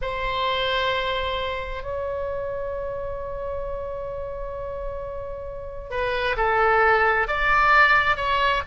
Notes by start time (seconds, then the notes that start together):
0.01 C5
1.83 C#5
5.90 B4
6.36 A4
7.27 D5
8.16 C#5